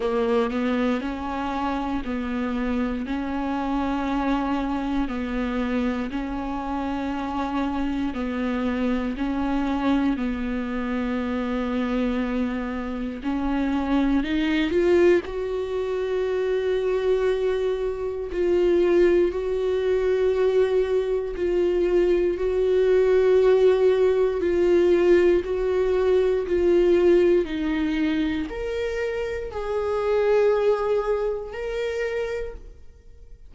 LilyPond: \new Staff \with { instrumentName = "viola" } { \time 4/4 \tempo 4 = 59 ais8 b8 cis'4 b4 cis'4~ | cis'4 b4 cis'2 | b4 cis'4 b2~ | b4 cis'4 dis'8 f'8 fis'4~ |
fis'2 f'4 fis'4~ | fis'4 f'4 fis'2 | f'4 fis'4 f'4 dis'4 | ais'4 gis'2 ais'4 | }